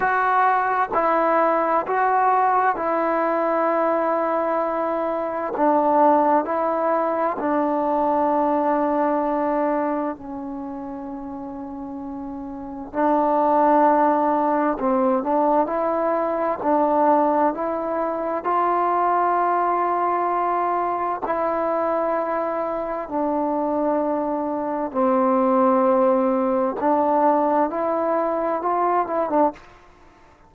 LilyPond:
\new Staff \with { instrumentName = "trombone" } { \time 4/4 \tempo 4 = 65 fis'4 e'4 fis'4 e'4~ | e'2 d'4 e'4 | d'2. cis'4~ | cis'2 d'2 |
c'8 d'8 e'4 d'4 e'4 | f'2. e'4~ | e'4 d'2 c'4~ | c'4 d'4 e'4 f'8 e'16 d'16 | }